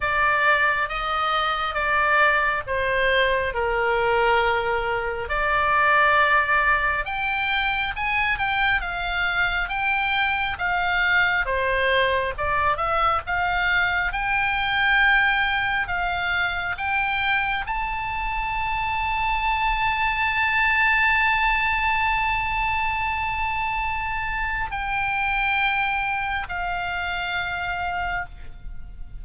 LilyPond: \new Staff \with { instrumentName = "oboe" } { \time 4/4 \tempo 4 = 68 d''4 dis''4 d''4 c''4 | ais'2 d''2 | g''4 gis''8 g''8 f''4 g''4 | f''4 c''4 d''8 e''8 f''4 |
g''2 f''4 g''4 | a''1~ | a''1 | g''2 f''2 | }